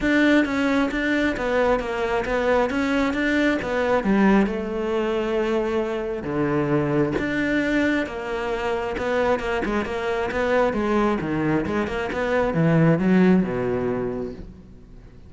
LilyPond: \new Staff \with { instrumentName = "cello" } { \time 4/4 \tempo 4 = 134 d'4 cis'4 d'4 b4 | ais4 b4 cis'4 d'4 | b4 g4 a2~ | a2 d2 |
d'2 ais2 | b4 ais8 gis8 ais4 b4 | gis4 dis4 gis8 ais8 b4 | e4 fis4 b,2 | }